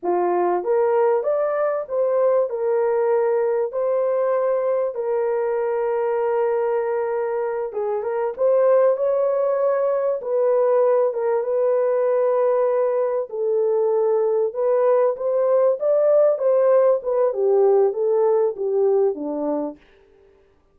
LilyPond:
\new Staff \with { instrumentName = "horn" } { \time 4/4 \tempo 4 = 97 f'4 ais'4 d''4 c''4 | ais'2 c''2 | ais'1~ | ais'8 gis'8 ais'8 c''4 cis''4.~ |
cis''8 b'4. ais'8 b'4.~ | b'4. a'2 b'8~ | b'8 c''4 d''4 c''4 b'8 | g'4 a'4 g'4 d'4 | }